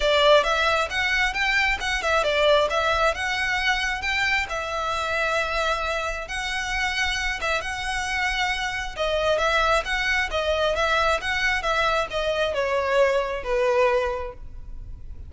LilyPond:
\new Staff \with { instrumentName = "violin" } { \time 4/4 \tempo 4 = 134 d''4 e''4 fis''4 g''4 | fis''8 e''8 d''4 e''4 fis''4~ | fis''4 g''4 e''2~ | e''2 fis''2~ |
fis''8 e''8 fis''2. | dis''4 e''4 fis''4 dis''4 | e''4 fis''4 e''4 dis''4 | cis''2 b'2 | }